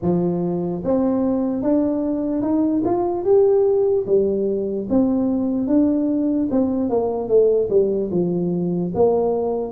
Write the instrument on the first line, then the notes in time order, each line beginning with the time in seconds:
tuba
0.01 F3
0.84 C4
1.62 D4
2.41 D#4
2.84 F4
3.24 G4
4.06 G3
4.89 C4
5.67 D4
6.50 C4
6.89 A#3
7.28 A3
7.69 G3
8.11 F3
8.94 A#3